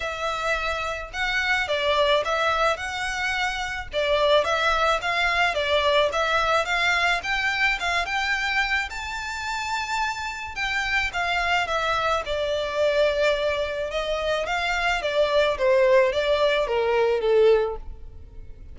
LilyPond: \new Staff \with { instrumentName = "violin" } { \time 4/4 \tempo 4 = 108 e''2 fis''4 d''4 | e''4 fis''2 d''4 | e''4 f''4 d''4 e''4 | f''4 g''4 f''8 g''4. |
a''2. g''4 | f''4 e''4 d''2~ | d''4 dis''4 f''4 d''4 | c''4 d''4 ais'4 a'4 | }